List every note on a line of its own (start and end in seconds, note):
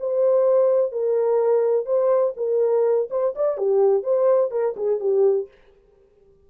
0.00 0.92 C5
0.92 1.86 A#4
1.86 2.34 C5
2.37 3.09 A#4
3.10 3.34 C5
3.36 3.58 D5
3.58 4.03 G4
4.03 4.51 C5
4.51 4.75 A#4
4.77 5.00 G#4
5.00 5.48 G4